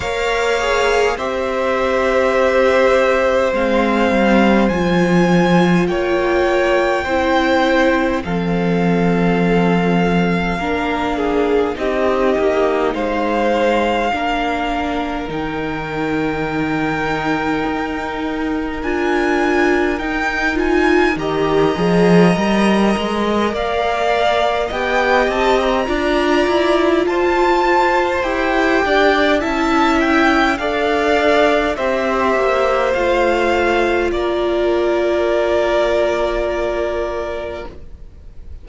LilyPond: <<
  \new Staff \with { instrumentName = "violin" } { \time 4/4 \tempo 4 = 51 f''4 e''2 f''4 | gis''4 g''2 f''4~ | f''2 dis''4 f''4~ | f''4 g''2. |
gis''4 g''8 gis''8 ais''2 | f''4 g''8 a''16 ais''4~ ais''16 a''4 | g''4 a''8 g''8 f''4 e''4 | f''4 d''2. | }
  \new Staff \with { instrumentName = "violin" } { \time 4/4 cis''4 c''2.~ | c''4 cis''4 c''4 a'4~ | a'4 ais'8 gis'8 g'4 c''4 | ais'1~ |
ais'2 dis''2 | d''4 dis''4 d''4 c''4~ | c''8 d''8 e''4 d''4 c''4~ | c''4 ais'2. | }
  \new Staff \with { instrumentName = "viola" } { \time 4/4 ais'8 gis'8 g'2 c'4 | f'2 e'4 c'4~ | c'4 d'4 dis'2 | d'4 dis'2. |
f'4 dis'8 f'8 g'8 gis'8 ais'4~ | ais'4 g'4 f'2 | g'4 e'4 a'4 g'4 | f'1 | }
  \new Staff \with { instrumentName = "cello" } { \time 4/4 ais4 c'2 gis8 g8 | f4 ais4 c'4 f4~ | f4 ais4 c'8 ais8 gis4 | ais4 dis2 dis'4 |
d'4 dis'4 dis8 f8 g8 gis8 | ais4 b8 c'8 d'8 e'8 f'4 | e'8 d'8 cis'4 d'4 c'8 ais8 | a4 ais2. | }
>>